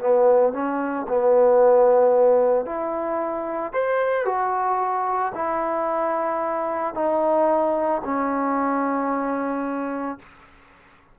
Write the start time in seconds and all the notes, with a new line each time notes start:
0.00 B3
0.53 C#4
1.08 B3
2.65 E4
3.73 C5
4.25 F#4
5.35 E4
6.94 D#4
8.04 C#4